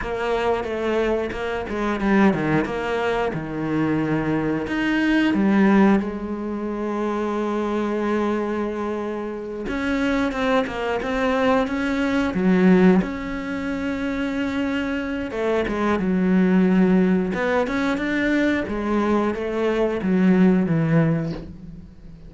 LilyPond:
\new Staff \with { instrumentName = "cello" } { \time 4/4 \tempo 4 = 90 ais4 a4 ais8 gis8 g8 dis8 | ais4 dis2 dis'4 | g4 gis2.~ | gis2~ gis8 cis'4 c'8 |
ais8 c'4 cis'4 fis4 cis'8~ | cis'2. a8 gis8 | fis2 b8 cis'8 d'4 | gis4 a4 fis4 e4 | }